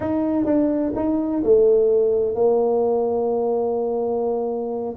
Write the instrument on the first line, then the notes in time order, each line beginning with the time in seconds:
tuba
0.00 D#4
0.45 D4
0.95 D#4
1.43 A3
2.35 A#3